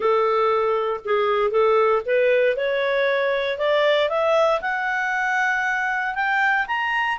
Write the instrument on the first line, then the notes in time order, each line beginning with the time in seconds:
clarinet
0.00 A4
1.04 G#4
1.50 A4
2.05 B4
2.56 C#5
3.58 D5
4.09 E5
4.61 F#5
6.14 G5
6.67 A#5